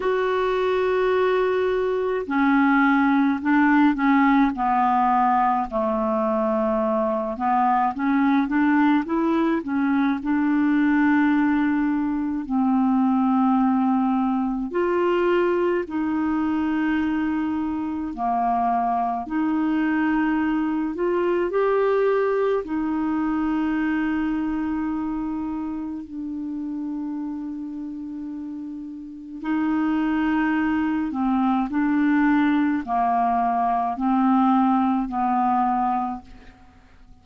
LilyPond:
\new Staff \with { instrumentName = "clarinet" } { \time 4/4 \tempo 4 = 53 fis'2 cis'4 d'8 cis'8 | b4 a4. b8 cis'8 d'8 | e'8 cis'8 d'2 c'4~ | c'4 f'4 dis'2 |
ais4 dis'4. f'8 g'4 | dis'2. d'4~ | d'2 dis'4. c'8 | d'4 ais4 c'4 b4 | }